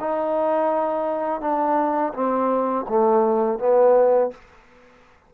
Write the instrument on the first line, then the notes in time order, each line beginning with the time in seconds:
trombone
0.00 D#4
1.41 D4
2.14 C4
2.89 A3
3.59 B3